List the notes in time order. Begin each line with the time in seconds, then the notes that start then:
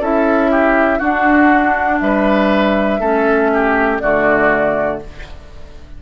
0.00 C#4 E4 A4 E5
0.51 G4
0.98 D4 F#4 F#5
2.00 G3 B4 E5
2.99 A3 C#4 A4
3.53 G4
3.98 D3 A3 F#4 D5